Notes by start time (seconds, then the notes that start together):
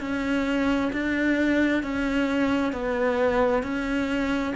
0.00 C#4
0.93 D4
1.83 C#4
2.72 B3
3.63 C#4